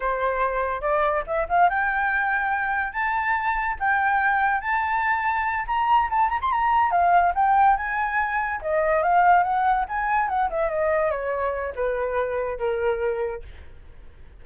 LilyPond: \new Staff \with { instrumentName = "flute" } { \time 4/4 \tempo 4 = 143 c''2 d''4 e''8 f''8 | g''2. a''4~ | a''4 g''2 a''4~ | a''4. ais''4 a''8 ais''16 c'''16 ais''8~ |
ais''8 f''4 g''4 gis''4.~ | gis''8 dis''4 f''4 fis''4 gis''8~ | gis''8 fis''8 e''8 dis''4 cis''4. | b'2 ais'2 | }